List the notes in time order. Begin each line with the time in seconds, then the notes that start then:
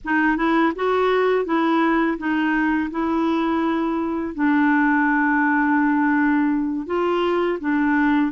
0.04 D#4
0.36 E4
0.75 F#4
1.45 E4
2.18 D#4
2.90 E4
4.34 D4
6.86 F4
7.60 D4